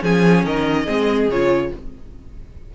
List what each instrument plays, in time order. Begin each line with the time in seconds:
0.00 cello F3, viola C#4, violin G#4 G#5
0.45 cello D#3, violin A#4 D#5
0.85 cello G#3, viola C4, violin G#4
1.29 cello C#3, viola F4, violin C#5